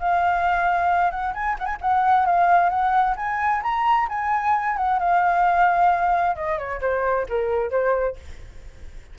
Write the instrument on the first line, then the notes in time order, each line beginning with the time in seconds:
flute
0.00 F5
1.11 F#5
1.34 G#5
1.59 F#5
1.66 G#5
1.82 F#5
2.26 F5
2.70 F#5
3.17 G#5
3.63 A#5
4.09 G#5
4.77 F#5
5.00 F5
6.36 D#5
6.58 C#5
6.81 C5
7.29 A#4
7.71 C5